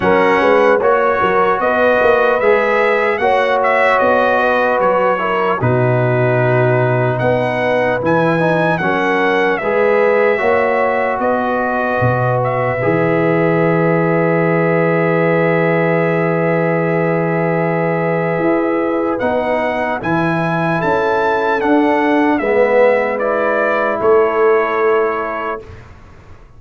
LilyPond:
<<
  \new Staff \with { instrumentName = "trumpet" } { \time 4/4 \tempo 4 = 75 fis''4 cis''4 dis''4 e''4 | fis''8 e''8 dis''4 cis''4 b'4~ | b'4 fis''4 gis''4 fis''4 | e''2 dis''4. e''8~ |
e''1~ | e''1 | fis''4 gis''4 a''4 fis''4 | e''4 d''4 cis''2 | }
  \new Staff \with { instrumentName = "horn" } { \time 4/4 ais'8 b'8 cis''8 ais'8 b'2 | cis''4. b'4 ais'8 fis'4~ | fis'4 b'2 ais'4 | b'4 cis''4 b'2~ |
b'1~ | b'1~ | b'2 a'2 | b'2 a'2 | }
  \new Staff \with { instrumentName = "trombone" } { \time 4/4 cis'4 fis'2 gis'4 | fis'2~ fis'8 e'8 dis'4~ | dis'2 e'8 dis'8 cis'4 | gis'4 fis'2. |
gis'1~ | gis'1 | dis'4 e'2 d'4 | b4 e'2. | }
  \new Staff \with { instrumentName = "tuba" } { \time 4/4 fis8 gis8 ais8 fis8 b8 ais8 gis4 | ais4 b4 fis4 b,4~ | b,4 b4 e4 fis4 | gis4 ais4 b4 b,4 |
e1~ | e2. e'4 | b4 e4 cis'4 d'4 | gis2 a2 | }
>>